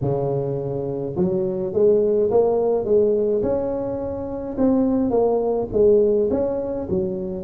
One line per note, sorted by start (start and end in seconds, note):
0.01 1.15 C#3
1.16 1.73 F#3
1.73 2.30 G#3
2.30 2.84 A#3
2.84 3.41 G#3
3.42 4.56 C#4
4.57 5.10 C4
5.10 5.67 A#3
5.72 6.29 G#3
6.30 6.87 C#4
6.89 7.44 F#3